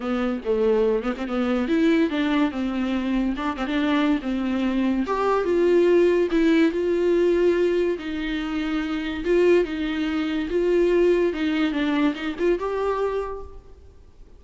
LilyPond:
\new Staff \with { instrumentName = "viola" } { \time 4/4 \tempo 4 = 143 b4 a4. b16 c'16 b4 | e'4 d'4 c'2 | d'8 c'16 d'4~ d'16 c'2 | g'4 f'2 e'4 |
f'2. dis'4~ | dis'2 f'4 dis'4~ | dis'4 f'2 dis'4 | d'4 dis'8 f'8 g'2 | }